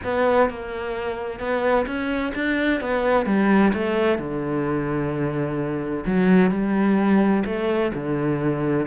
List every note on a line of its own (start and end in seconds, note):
0.04 0.49 B3
0.49 1.39 A#3
1.39 1.86 B3
1.86 2.33 C#4
2.34 2.80 D4
2.80 3.26 B3
3.26 3.72 G3
3.73 4.18 A3
4.18 6.04 D3
6.05 6.50 F#3
6.50 7.43 G3
7.45 7.92 A3
7.93 8.86 D3